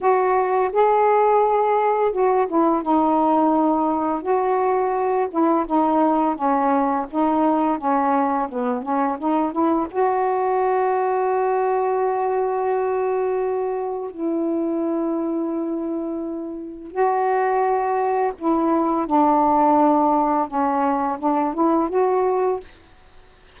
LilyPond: \new Staff \with { instrumentName = "saxophone" } { \time 4/4 \tempo 4 = 85 fis'4 gis'2 fis'8 e'8 | dis'2 fis'4. e'8 | dis'4 cis'4 dis'4 cis'4 | b8 cis'8 dis'8 e'8 fis'2~ |
fis'1 | e'1 | fis'2 e'4 d'4~ | d'4 cis'4 d'8 e'8 fis'4 | }